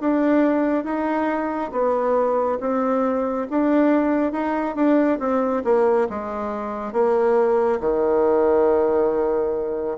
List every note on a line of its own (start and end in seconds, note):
0.00 0.84 D4
0.84 1.71 D#4
1.72 2.58 B3
2.60 3.47 C4
3.50 4.32 D4
4.32 4.75 D#4
4.75 5.19 D4
5.19 5.63 C4
5.64 6.08 A#3
6.09 6.92 G#3
6.92 7.79 A#3
7.80 9.98 D#3